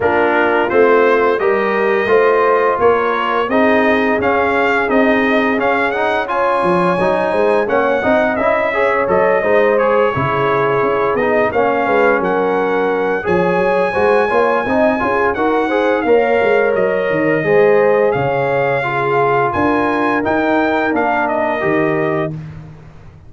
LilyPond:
<<
  \new Staff \with { instrumentName = "trumpet" } { \time 4/4 \tempo 4 = 86 ais'4 c''4 dis''2 | cis''4 dis''4 f''4 dis''4 | f''8 fis''8 gis''2 fis''4 | e''4 dis''4 cis''2 |
dis''8 f''4 fis''4. gis''4~ | gis''2 fis''4 f''4 | dis''2 f''2 | gis''4 g''4 f''8 dis''4. | }
  \new Staff \with { instrumentName = "horn" } { \time 4/4 f'2 ais'4 c''4 | ais'4 gis'2.~ | gis'4 cis''4. c''8 cis''8 dis''8~ | dis''8 cis''4 c''4 gis'4.~ |
gis'8 cis''8 b'8 ais'4. cis''4 | c''8 cis''8 dis''8 gis'8 ais'8 c''8 cis''4~ | cis''4 c''4 cis''4 gis'4 | ais'1 | }
  \new Staff \with { instrumentName = "trombone" } { \time 4/4 d'4 c'4 g'4 f'4~ | f'4 dis'4 cis'4 dis'4 | cis'8 dis'8 f'4 dis'4 cis'8 dis'8 | e'8 gis'8 a'8 dis'8 gis'8 e'4. |
dis'8 cis'2~ cis'8 gis'4 | fis'8 f'8 dis'8 f'8 fis'8 gis'8 ais'4~ | ais'4 gis'2 f'4~ | f'4 dis'4 d'4 g'4 | }
  \new Staff \with { instrumentName = "tuba" } { \time 4/4 ais4 a4 g4 a4 | ais4 c'4 cis'4 c'4 | cis'4. f8 fis8 gis8 ais8 c'8 | cis'4 fis8 gis4 cis4 cis'8 |
b8 ais8 gis8 fis4. f8 fis8 | gis8 ais8 c'8 cis'8 dis'4 ais8 gis8 | fis8 dis8 gis4 cis2 | d'4 dis'4 ais4 dis4 | }
>>